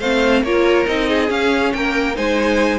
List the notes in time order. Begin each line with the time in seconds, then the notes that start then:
0.00 A3 C4 C5 F5
0.43 A#3 F4 A#4 C#5
0.86 C4 D#4 D#5
1.09 G#4
1.28 C#4 F5
1.73 A#3 A#4 G5
2.16 G#3 D#4 C5 G#5